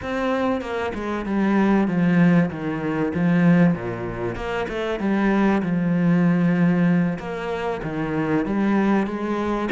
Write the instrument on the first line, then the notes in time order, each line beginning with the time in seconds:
cello
0.01 C4
0.61 A#3
0.94 G#3
1.25 G3
1.87 F3
2.50 D#3
3.14 F3
3.73 A#2
4.35 A#3
4.68 A3
4.99 G3
5.62 F3
7.18 A#3
7.83 D#3
8.45 G3
9.06 G#3